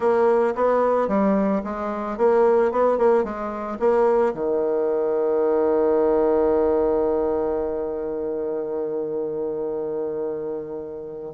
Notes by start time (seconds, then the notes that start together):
0.00 A#3
0.55 B3
1.07 G3
1.64 G#3
2.17 A#3
2.71 B3
2.98 A#3
3.24 G#3
3.79 A#3
4.34 D#3